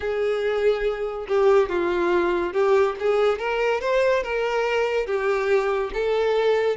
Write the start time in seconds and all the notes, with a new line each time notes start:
0.00 G#4
1.28 G4
1.69 F4
2.53 G4
2.99 G#4
3.38 A#4
3.80 C5
4.23 A#4
5.06 G4
5.93 A4